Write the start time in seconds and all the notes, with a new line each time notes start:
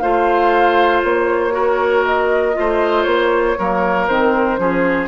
0.00 A3 F4 C5 F5
1.03 A#3 C#5
1.51 F#4 A#4
2.06 D#5
2.54 A3 F4 C5
3.04 A#3 C#5
3.59 F#3 A#3 A#4
4.08 D#3 C4 C5
4.58 F3 C#4 G#4